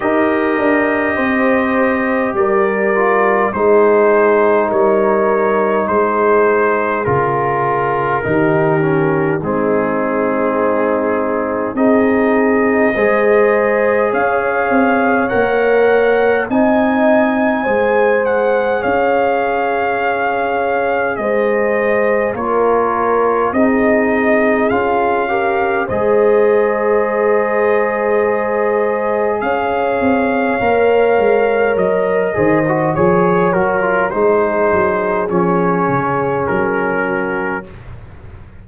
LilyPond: <<
  \new Staff \with { instrumentName = "trumpet" } { \time 4/4 \tempo 4 = 51 dis''2 d''4 c''4 | cis''4 c''4 ais'2 | gis'2 dis''2 | f''4 fis''4 gis''4. fis''8 |
f''2 dis''4 cis''4 | dis''4 f''4 dis''2~ | dis''4 f''2 dis''4 | cis''8 ais'8 c''4 cis''4 ais'4 | }
  \new Staff \with { instrumentName = "horn" } { \time 4/4 ais'4 c''4 ais'4 gis'4 | ais'4 gis'2 g'4 | dis'2 gis'4 c''4 | cis''2 dis''4 c''4 |
cis''2 c''4 ais'4 | gis'4. ais'8 c''2~ | c''4 cis''2~ cis''8 c''8 | cis''4 gis'2~ gis'8 fis'8 | }
  \new Staff \with { instrumentName = "trombone" } { \time 4/4 g'2~ g'8 f'8 dis'4~ | dis'2 f'4 dis'8 cis'8 | c'2 dis'4 gis'4~ | gis'4 ais'4 dis'4 gis'4~ |
gis'2. f'4 | dis'4 f'8 g'8 gis'2~ | gis'2 ais'4. gis'16 fis'16 | gis'8 fis'16 f'16 dis'4 cis'2 | }
  \new Staff \with { instrumentName = "tuba" } { \time 4/4 dis'8 d'8 c'4 g4 gis4 | g4 gis4 cis4 dis4 | gis2 c'4 gis4 | cis'8 c'8 ais4 c'4 gis4 |
cis'2 gis4 ais4 | c'4 cis'4 gis2~ | gis4 cis'8 c'8 ais8 gis8 fis8 dis8 | f8 fis8 gis8 fis8 f8 cis8 fis4 | }
>>